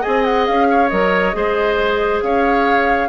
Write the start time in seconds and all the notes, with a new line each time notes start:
0.00 G#4 D#5 G#5
0.07 C4
0.24 F#5
0.46 C#4 F5
0.70 C#5
0.88 F#3 A#4 D#5
1.32 G#3 G#4 C5
2.22 C#4 C#5 F5